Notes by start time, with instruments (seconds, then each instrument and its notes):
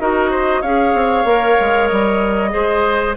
0.00 bassoon D#4, clarinet F#4, oboe A#4, flute D#5
0.30 oboe C5
0.61 bassoon C#4, clarinet G#4, oboe C#5, flute F5
0.94 bassoon C4
1.24 bassoon A#3, clarinet A#4
1.60 bassoon G#3
1.88 bassoon G3, flute D#5
2.50 bassoon G#3, clarinet G#4, oboe C5